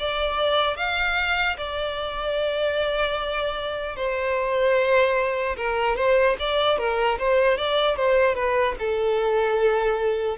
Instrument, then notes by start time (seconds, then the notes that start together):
violin
0.00 D5
0.77 F5
1.58 D5
3.96 C5
5.57 A#4
5.97 C5
6.40 D5
6.79 A#4
7.19 C5
7.58 D5
7.96 C5
8.35 B4
8.80 A4